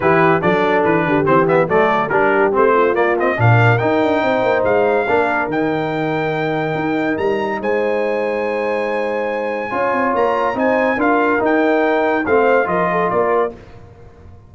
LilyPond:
<<
  \new Staff \with { instrumentName = "trumpet" } { \time 4/4 \tempo 4 = 142 b'4 d''4 b'4 c''8 e''8 | d''4 ais'4 c''4 d''8 dis''8 | f''4 g''2 f''4~ | f''4 g''2.~ |
g''4 ais''4 gis''2~ | gis''1 | ais''4 gis''4 f''4 g''4~ | g''4 f''4 dis''4 d''4 | }
  \new Staff \with { instrumentName = "horn" } { \time 4/4 g'4 a'4. g'4. | a'4 g'4. f'4. | ais'2 c''2 | ais'1~ |
ais'2 c''2~ | c''2. cis''4~ | cis''4 c''4 ais'2~ | ais'4 c''4 ais'8 a'8 ais'4 | }
  \new Staff \with { instrumentName = "trombone" } { \time 4/4 e'4 d'2 c'8 b8 | a4 d'4 c'4 ais8 c'8 | d'4 dis'2. | d'4 dis'2.~ |
dis'1~ | dis'2. f'4~ | f'4 dis'4 f'4 dis'4~ | dis'4 c'4 f'2 | }
  \new Staff \with { instrumentName = "tuba" } { \time 4/4 e4 fis4 e8 d8 e4 | fis4 g4 a4 ais4 | ais,4 dis'8 d'8 c'8 ais8 gis4 | ais4 dis2. |
dis'4 g4 gis2~ | gis2. cis'8 c'8 | ais4 c'4 d'4 dis'4~ | dis'4 a4 f4 ais4 | }
>>